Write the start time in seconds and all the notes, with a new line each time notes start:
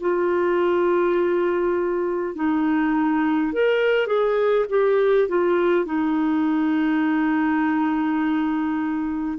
0.00 F4
2.35 D#4
3.53 A#4
4.06 G#4
4.69 G4
5.28 F4
5.85 D#4